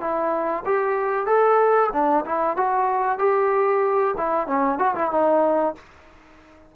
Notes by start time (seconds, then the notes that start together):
0.00 E4
0.65 G4
1.26 A4
1.93 D4
2.25 E4
2.56 F#4
3.19 G4
4.17 E4
4.47 C#4
4.78 F#4
4.95 E4
5.11 D#4